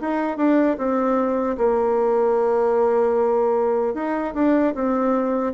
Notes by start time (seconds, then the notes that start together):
0.00 D#4
0.37 D4
0.78 C4
1.57 A#3
3.94 D#4
4.34 D4
4.74 C4